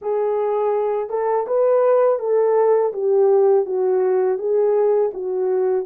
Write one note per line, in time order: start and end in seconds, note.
0.01 1.09 G#4
1.09 1.46 A4
1.46 2.19 B4
2.19 2.92 A4
2.93 3.65 G4
3.65 4.38 F#4
4.38 5.11 G#4
5.13 5.85 F#4